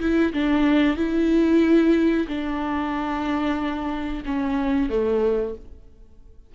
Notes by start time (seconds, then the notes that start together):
0.00 E4
0.33 D4
0.97 E4
2.28 D4
4.25 C#4
4.89 A3